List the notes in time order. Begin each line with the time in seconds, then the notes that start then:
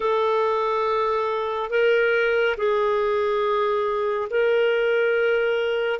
0.00 A4
1.69 A#4
2.57 G#4
4.30 A#4